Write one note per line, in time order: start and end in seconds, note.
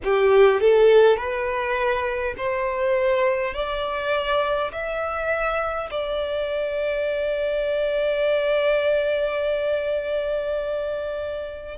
0.03 0.60 G4
0.60 1.17 A4
1.17 2.34 B4
2.37 3.53 C5
3.53 4.71 D5
4.72 5.89 E5
5.90 11.78 D5